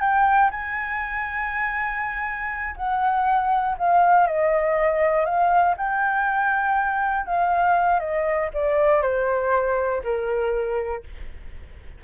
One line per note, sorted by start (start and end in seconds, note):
0.00 0.50 G5
0.50 2.75 G#5
2.76 3.76 F#5
3.78 4.26 F5
4.26 5.25 D#5
5.25 5.75 F5
5.77 7.25 G5
7.25 7.99 F5
7.99 8.49 D#5
8.53 9.02 D5
9.02 10.02 C5
10.03 11.03 A#4